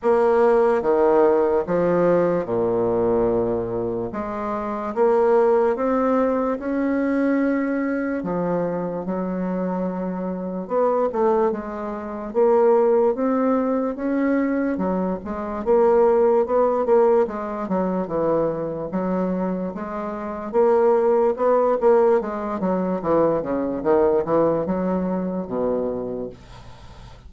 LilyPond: \new Staff \with { instrumentName = "bassoon" } { \time 4/4 \tempo 4 = 73 ais4 dis4 f4 ais,4~ | ais,4 gis4 ais4 c'4 | cis'2 f4 fis4~ | fis4 b8 a8 gis4 ais4 |
c'4 cis'4 fis8 gis8 ais4 | b8 ais8 gis8 fis8 e4 fis4 | gis4 ais4 b8 ais8 gis8 fis8 | e8 cis8 dis8 e8 fis4 b,4 | }